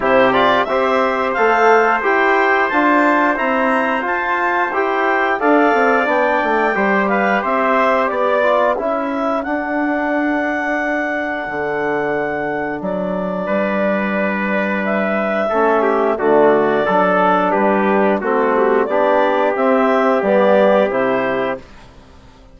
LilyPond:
<<
  \new Staff \with { instrumentName = "clarinet" } { \time 4/4 \tempo 4 = 89 c''8 d''8 e''4 f''4 g''4 | a''4 ais''4 a''4 g''4 | f''4 g''4. f''8 e''4 | d''4 e''4 fis''2~ |
fis''2. d''4~ | d''2 e''2 | d''2 b'4 a'8 g'8 | d''4 e''4 d''4 c''4 | }
  \new Staff \with { instrumentName = "trumpet" } { \time 4/4 g'4 c''2.~ | c''1 | d''2 c''8 b'8 c''4 | d''4 a'2.~ |
a'1 | b'2. a'8 g'8 | fis'4 a'4 g'4 fis'4 | g'1 | }
  \new Staff \with { instrumentName = "trombone" } { \time 4/4 e'8 f'8 g'4 a'4 g'4 | f'4 e'4 f'4 g'4 | a'4 d'4 g'2~ | g'8 f'8 e'4 d'2~ |
d'1~ | d'2. cis'4 | a4 d'2 c'4 | d'4 c'4 b4 e'4 | }
  \new Staff \with { instrumentName = "bassoon" } { \time 4/4 c4 c'4 a4 e'4 | d'4 c'4 f'4 e'4 | d'8 c'8 b8 a8 g4 c'4 | b4 cis'4 d'2~ |
d'4 d2 fis4 | g2. a4 | d4 fis4 g4 a4 | b4 c'4 g4 c4 | }
>>